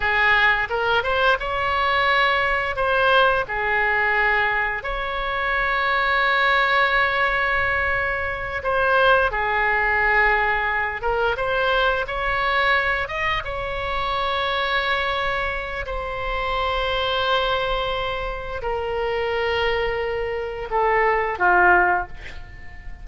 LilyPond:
\new Staff \with { instrumentName = "oboe" } { \time 4/4 \tempo 4 = 87 gis'4 ais'8 c''8 cis''2 | c''4 gis'2 cis''4~ | cis''1~ | cis''8 c''4 gis'2~ gis'8 |
ais'8 c''4 cis''4. dis''8 cis''8~ | cis''2. c''4~ | c''2. ais'4~ | ais'2 a'4 f'4 | }